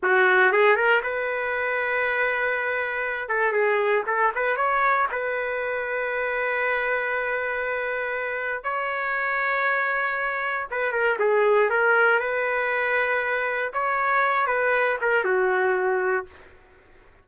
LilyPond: \new Staff \with { instrumentName = "trumpet" } { \time 4/4 \tempo 4 = 118 fis'4 gis'8 ais'8 b'2~ | b'2~ b'8 a'8 gis'4 | a'8 b'8 cis''4 b'2~ | b'1~ |
b'4 cis''2.~ | cis''4 b'8 ais'8 gis'4 ais'4 | b'2. cis''4~ | cis''8 b'4 ais'8 fis'2 | }